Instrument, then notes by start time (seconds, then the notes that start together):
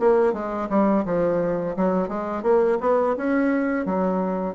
bassoon
0.00 A#3
0.34 G#3
0.70 G3
1.06 F3
1.77 F#3
2.09 G#3
2.43 A#3
2.81 B3
3.17 C#4
3.86 F#3